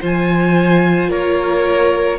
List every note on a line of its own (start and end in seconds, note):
0.00 1.10 F3
0.00 2.19 F4
0.00 1.09 C5
0.00 1.10 G#5
1.09 2.19 A#3
1.09 2.18 A#4
1.09 2.19 C#5